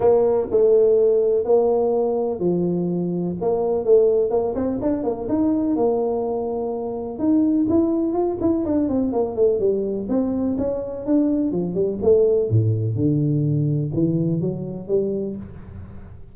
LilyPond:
\new Staff \with { instrumentName = "tuba" } { \time 4/4 \tempo 4 = 125 ais4 a2 ais4~ | ais4 f2 ais4 | a4 ais8 c'8 d'8 ais8 dis'4 | ais2. dis'4 |
e'4 f'8 e'8 d'8 c'8 ais8 a8 | g4 c'4 cis'4 d'4 | f8 g8 a4 a,4 d4~ | d4 e4 fis4 g4 | }